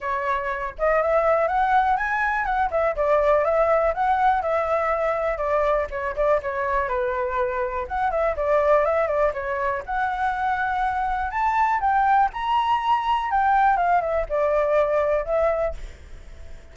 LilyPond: \new Staff \with { instrumentName = "flute" } { \time 4/4 \tempo 4 = 122 cis''4. dis''8 e''4 fis''4 | gis''4 fis''8 e''8 d''4 e''4 | fis''4 e''2 d''4 | cis''8 d''8 cis''4 b'2 |
fis''8 e''8 d''4 e''8 d''8 cis''4 | fis''2. a''4 | g''4 ais''2 g''4 | f''8 e''8 d''2 e''4 | }